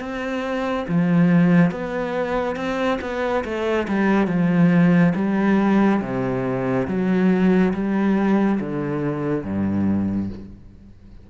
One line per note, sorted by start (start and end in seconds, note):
0.00 0.86 C4
0.88 1.71 F3
1.71 2.56 B3
2.56 2.99 C4
3.01 3.44 B3
3.44 3.87 A3
3.88 4.27 G3
4.27 5.13 F3
5.15 6.01 G3
6.02 6.87 C3
6.88 7.73 F#3
7.74 8.59 G3
8.60 9.44 D3
9.44 10.30 G2